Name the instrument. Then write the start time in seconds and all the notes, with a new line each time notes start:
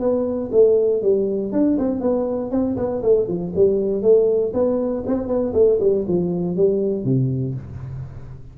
tuba
0.00 B3
0.52 A3
1.02 G3
1.53 D4
1.79 C4
2.01 B3
2.52 C4
2.77 B3
3.03 A3
3.28 F3
3.56 G3
4.03 A3
4.54 B3
5.07 C4
5.28 B3
5.54 A3
5.81 G3
6.08 F3
6.57 G3
7.05 C3